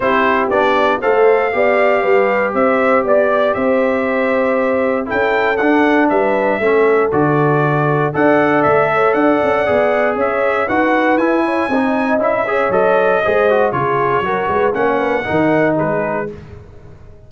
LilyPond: <<
  \new Staff \with { instrumentName = "trumpet" } { \time 4/4 \tempo 4 = 118 c''4 d''4 f''2~ | f''4 e''4 d''4 e''4~ | e''2 g''4 fis''4 | e''2 d''2 |
fis''4 e''4 fis''2 | e''4 fis''4 gis''2 | e''4 dis''2 cis''4~ | cis''4 fis''2 b'4 | }
  \new Staff \with { instrumentName = "horn" } { \time 4/4 g'2 c''4 d''4 | b'4 c''4 d''4 c''4~ | c''2 a'2 | b'4 a'2. |
d''4. cis''8 d''2 | cis''4 b'4. cis''8 dis''4~ | dis''8 cis''4. c''4 gis'4 | ais'8 b'8 cis''8 b'8 ais'4 gis'4 | }
  \new Staff \with { instrumentName = "trombone" } { \time 4/4 e'4 d'4 a'4 g'4~ | g'1~ | g'2 e'4 d'4~ | d'4 cis'4 fis'2 |
a'2. gis'4~ | gis'4 fis'4 e'4 dis'4 | e'8 gis'8 a'4 gis'8 fis'8 f'4 | fis'4 cis'4 dis'2 | }
  \new Staff \with { instrumentName = "tuba" } { \time 4/4 c'4 b4 a4 b4 | g4 c'4 b4 c'4~ | c'2 cis'4 d'4 | g4 a4 d2 |
d'4 a4 d'8 cis'8 b4 | cis'4 dis'4 e'4 c'4 | cis'4 fis4 gis4 cis4 | fis8 gis8 ais4 dis4 gis4 | }
>>